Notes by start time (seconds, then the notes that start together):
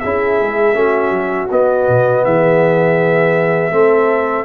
0.00 C#4 E4 G#4 E5
0.41 G#3
0.74 A3 C#4 F#4
1.11 F#3
1.52 B3 D#5
1.89 B2
2.25 E3 G#4 E5
3.72 A3 C4 A4